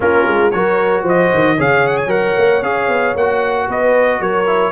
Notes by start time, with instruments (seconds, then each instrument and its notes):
0.00 tuba A#3, trombone C#4, horn F4, trumpet A#4
0.26 tuba G#3
0.51 tuba F#3, trombone F#4, horn A#4, trumpet C#5
1.02 tuba F3, horn C5, trumpet D#5
1.34 tuba D#3
1.56 tuba C#3, trombone G#4, horn C#5, trumpet F5
1.87 trumpet F#5
1.97 trumpet G#5
2.06 tuba F#3, trombone A#4, trumpet F#5
2.37 tuba A#3
2.61 tuba C#4, trombone G#4, trumpet F5
2.88 tuba B3
3.15 tuba A#3, trombone F#4, trumpet F#5
3.68 tuba B3, horn B4, trumpet D#5
4.20 tuba F#3, horn A#4, trumpet C#5
4.46 trombone E4